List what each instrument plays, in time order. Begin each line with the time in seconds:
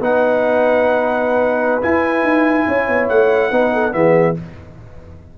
0.00 tuba B3, trombone D#4, horn B4, trumpet F#5
1.81 trombone E4, tuba E4, trumpet G#5
2.23 tuba D#4
2.67 tuba C#4, horn C#5
2.88 tuba B3
3.09 tuba A3, trumpet F#5
3.51 tuba B3, trombone D#4, horn B4
3.73 horn A4
3.91 tuba E3, trombone B3, horn G#4, trumpet E5